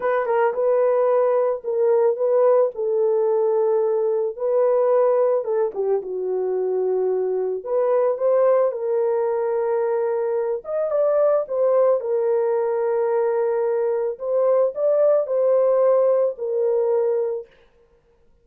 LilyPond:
\new Staff \with { instrumentName = "horn" } { \time 4/4 \tempo 4 = 110 b'8 ais'8 b'2 ais'4 | b'4 a'2. | b'2 a'8 g'8 fis'4~ | fis'2 b'4 c''4 |
ais'2.~ ais'8 dis''8 | d''4 c''4 ais'2~ | ais'2 c''4 d''4 | c''2 ais'2 | }